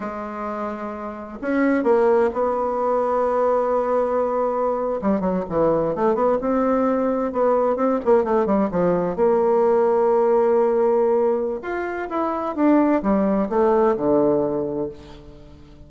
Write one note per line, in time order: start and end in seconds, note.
0.00 1.38 G#3
1.41 1.83 C#4
1.83 2.30 A#3
2.33 5.00 B3
5.01 5.20 G3
5.20 5.43 F#3
5.49 5.95 E3
5.95 6.14 A3
6.14 6.38 B3
6.40 7.32 C4
7.32 7.76 B3
7.76 7.99 C4
8.05 8.23 A#3
8.23 8.46 A3
8.46 8.69 G3
8.71 9.16 F3
9.16 11.60 A#3
11.62 12.08 F4
12.09 12.55 E4
12.55 13.02 D4
13.02 13.49 G3
13.49 13.95 A3
13.96 14.89 D3